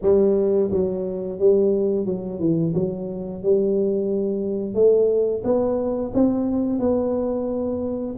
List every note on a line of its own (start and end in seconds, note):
0.02 0.70 G3
0.71 1.39 F#3
1.39 2.05 G3
2.05 2.39 F#3
2.39 2.73 E3
2.74 3.42 F#3
3.42 4.74 G3
4.74 5.42 A3
5.44 6.12 B3
6.14 6.79 C4
6.79 8.15 B3